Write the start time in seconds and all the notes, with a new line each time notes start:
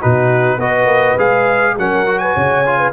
0.00 B2 D#4 F#4 B4
0.57 B3 F#4 B4 D#5
0.85 A#3
1.18 G#3 G#4 F5
1.77 F#3 C#4 A#4 F#5
2.06 F#4
2.18 B4 G#5
2.34 C#3 C#5
2.66 F4
2.78 B4